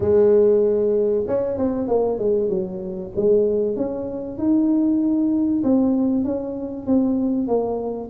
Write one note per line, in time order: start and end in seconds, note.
0.00 1.24 G#3
1.27 1.57 C#4
1.57 1.88 C4
1.88 2.18 A#3
2.18 2.49 G#3
2.49 3.11 F#3
3.16 3.76 G#3
3.76 4.38 C#4
4.38 5.63 D#4
5.63 6.24 C4
6.24 6.86 C#4
6.86 7.47 C4
7.47 8.09 A#3